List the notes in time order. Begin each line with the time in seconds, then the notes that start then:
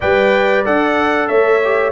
0.00 G3 B4 D5 G5
0.65 D4 A4 F#5
1.27 A3 C#5 E5
1.64 G4